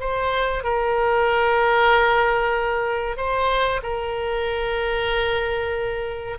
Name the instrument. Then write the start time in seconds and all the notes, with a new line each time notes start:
oboe
0.00 C5
0.64 A#4
3.17 C5
3.83 A#4